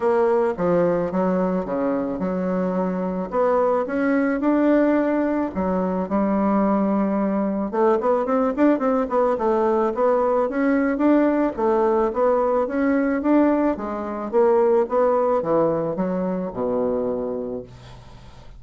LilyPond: \new Staff \with { instrumentName = "bassoon" } { \time 4/4 \tempo 4 = 109 ais4 f4 fis4 cis4 | fis2 b4 cis'4 | d'2 fis4 g4~ | g2 a8 b8 c'8 d'8 |
c'8 b8 a4 b4 cis'4 | d'4 a4 b4 cis'4 | d'4 gis4 ais4 b4 | e4 fis4 b,2 | }